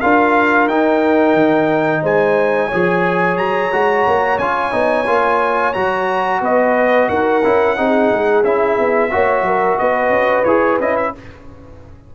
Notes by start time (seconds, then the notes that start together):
0.00 D4 F4 A#4 F5
0.66 D#4 G5
1.33 D#3
2.02 G#3 C5 G#5
2.68 F3 G#4 C#5
3.37 F#3 A#5
3.72 G#3 F#4
4.07 A#3
4.38 C#4 F4 G#5
4.71 B3 D#4
5.06 A#3 F4
5.73 F#3 F#4 A#5
6.41 B3 B4 D#5
7.08 D#4 A#4 F#5
7.43 C#4 E4
7.77 C4 D#4 G#4
8.12 G#3
8.43 C#4 E4 E5
8.79 B3
9.10 A#3 F#4 C#5
9.42 F#3 A#4
9.78 B3 B4 D#5
10.09 C#4
10.44 E4 G#4 C#5
10.79 C#4 E4 D#5
10.96 E5